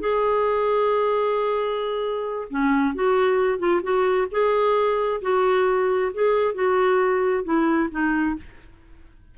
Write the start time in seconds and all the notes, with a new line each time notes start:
0.00 G#4
2.50 C#4
2.95 F#4
3.59 F4
3.83 F#4
4.31 G#4
5.22 F#4
6.14 G#4
6.55 F#4
7.44 E4
7.91 D#4